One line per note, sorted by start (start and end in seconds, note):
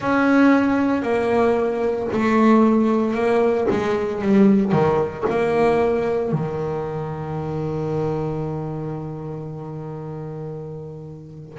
0.00 1.02 C#4
1.02 2.08 A#3
2.12 3.14 A3
3.14 3.67 A#3
3.70 4.21 G#3
4.21 4.71 G3
4.71 5.24 D#3
5.29 6.32 A#3
6.32 11.58 D#3